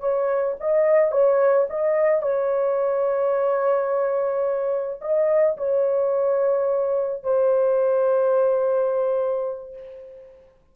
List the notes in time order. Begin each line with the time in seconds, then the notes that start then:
0.00 C#5
0.60 D#5
1.12 C#5
1.69 D#5
2.22 C#5
5.01 D#5
5.57 C#5
7.23 C5